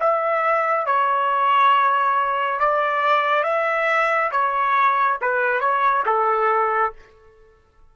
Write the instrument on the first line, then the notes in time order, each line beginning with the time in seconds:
trumpet
0.00 E5
0.87 C#5
2.60 D5
3.43 E5
4.31 C#5
5.21 B4
5.60 C#5
6.06 A4